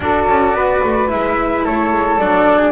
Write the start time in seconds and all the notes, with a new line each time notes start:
0.00 D4 F#4 A4 D5
0.27 C#4
0.53 B3 B4
0.84 A3
1.07 G#3 E4 E5
1.65 A3 A4 C#5
1.92 G#3
2.18 F#3 D4 D5
2.58 G#4